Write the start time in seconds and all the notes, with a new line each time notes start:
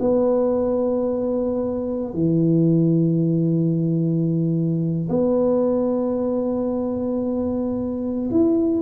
0.00 B3
2.14 E3
5.09 B3
8.30 E4